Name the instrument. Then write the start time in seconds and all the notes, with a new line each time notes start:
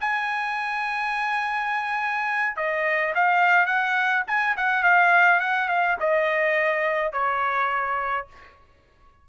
trumpet
0.00 G#5
2.56 D#5
3.15 F5
3.66 F#5
4.27 G#5
4.57 F#5
4.83 F5
5.40 F#5
5.68 F5
6.00 D#5
7.12 C#5